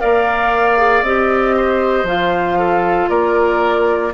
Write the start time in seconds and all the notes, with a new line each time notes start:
0.00 A#3 A#4 D5 F5
0.77 G#4
1.02 C4 G4 D#5
1.57 C5
2.03 F3 F4 F5
2.59 A4
3.09 A#3 A#4 D5